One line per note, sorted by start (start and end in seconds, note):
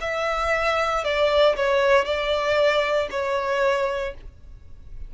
0.00 1.03 E5
1.03 1.55 D5
1.56 2.05 C#5
2.05 3.08 D5
3.10 4.14 C#5